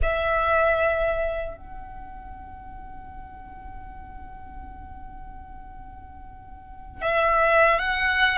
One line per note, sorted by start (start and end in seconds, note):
0.02 1.57 E5
1.57 7.01 F#5
7.01 7.79 E5
7.79 8.37 F#5